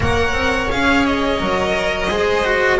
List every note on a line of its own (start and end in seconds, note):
0.00 0.33 A#3
0.00 0.69 A#4
0.00 2.10 C#5
0.00 0.70 F#5
0.33 0.67 C4
0.69 1.40 C#4
0.69 1.38 G#4
0.69 1.05 F5
1.05 2.79 D#5
1.38 2.09 F#3
1.38 2.08 A#4
2.09 2.79 G#3
2.09 2.44 G#4
2.09 2.79 C5
2.44 2.79 F#4